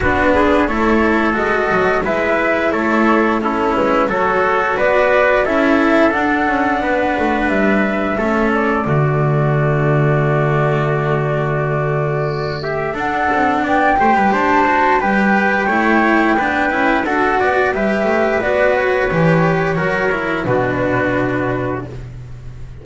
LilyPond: <<
  \new Staff \with { instrumentName = "flute" } { \time 4/4 \tempo 4 = 88 b'4 cis''4 dis''4 e''4 | cis''4 a'8 b'8 cis''4 d''4 | e''4 fis''2 e''4~ | e''8 d''2.~ d''8~ |
d''2~ d''8 e''8 fis''4 | g''4 a''4 g''2~ | g''4 fis''4 e''4 d''8 cis''8~ | cis''2 b'2 | }
  \new Staff \with { instrumentName = "trumpet" } { \time 4/4 fis'8 gis'8 a'2 b'4 | a'4 e'4 a'4 b'4 | a'2 b'2 | a'4 fis'2.~ |
fis'2~ fis'8 g'8 a'4 | d''8 c''16 b'16 c''4 b'4 cis''4 | b'4 a'8 d''8 b'2~ | b'4 ais'4 fis'2 | }
  \new Staff \with { instrumentName = "cello" } { \time 4/4 d'4 e'4 fis'4 e'4~ | e'4 cis'4 fis'2 | e'4 d'2. | cis'4 a2.~ |
a2. d'4~ | d'8 g'4 fis'8 g'4 e'4 | d'8 e'8 fis'4 g'4 fis'4 | g'4 fis'8 e'8 d'2 | }
  \new Staff \with { instrumentName = "double bass" } { \time 4/4 b4 a4 gis8 fis8 gis4 | a4. gis8 fis4 b4 | cis'4 d'8 cis'8 b8 a8 g4 | a4 d2.~ |
d2. d'8 c'8 | b8 a16 g16 d'4 g4 a4 | b8 cis'8 d'8 b8 g8 a8 b4 | e4 fis4 b,2 | }
>>